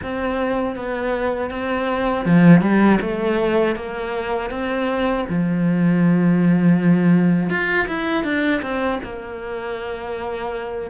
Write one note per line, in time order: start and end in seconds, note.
0.02 0.76 C4
0.76 1.50 B3
1.50 2.25 C4
2.25 2.61 F3
2.61 2.98 G3
3.01 3.75 A3
3.75 4.50 A#3
4.50 5.25 C4
5.28 7.49 F3
7.49 7.86 F4
7.87 8.24 E4
8.24 8.61 D4
8.61 8.99 C4
9.03 10.90 A#3